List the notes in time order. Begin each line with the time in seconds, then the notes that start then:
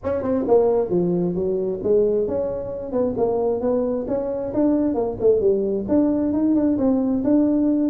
0.03 C#4
0.22 C4
0.47 A#3
0.89 F3
1.34 F#3
1.83 G#3
2.27 C#4
2.91 B3
3.17 A#3
3.60 B3
4.07 C#4
4.53 D4
4.94 A#3
5.19 A3
5.40 G3
5.88 D4
6.32 D#4
6.55 D4
6.78 C4
7.24 D4